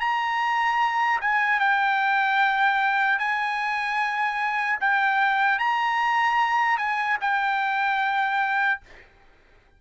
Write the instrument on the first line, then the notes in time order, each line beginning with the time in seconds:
trumpet
0.00 A#5
1.21 G#5
1.60 G5
3.19 G#5
4.80 G5
5.59 A#5
6.78 G#5
7.21 G5